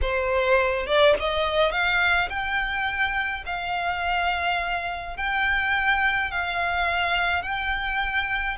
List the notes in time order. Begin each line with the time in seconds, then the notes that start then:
0.01 C5
0.86 D5
1.19 D#5
1.71 F5
2.29 G5
3.46 F5
5.16 G5
6.31 F5
7.42 G5